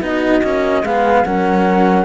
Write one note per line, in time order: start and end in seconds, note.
0.00 0.41 B3
0.00 0.43 D#4
0.00 0.85 F#4
0.00 0.85 D#5
0.43 0.83 A#3
0.43 0.85 C#4
0.83 1.24 G#3
0.83 1.26 B3
0.83 1.26 G#4
0.83 1.25 F5
1.25 2.06 F#3
1.25 2.06 C#4
1.25 2.06 A#4
1.25 2.06 F#5